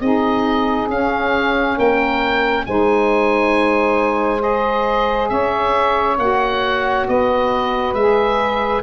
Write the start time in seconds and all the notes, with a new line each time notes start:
0.00 C4 D#4 G#4 D#5
0.88 C#4 F5
1.76 A#3 A#4 G5
2.65 G#3 D#4 C5 G#5
4.39 G#4 D#5
5.29 C#4 C#5 E5
6.18 A#3 F#4 F#5
7.08 B3 B4 D#5
7.93 G#3 G#4 E5